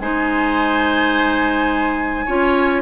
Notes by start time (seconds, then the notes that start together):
0.00 G#3 D#4 C5 G#5
2.26 C#4 F4 C#5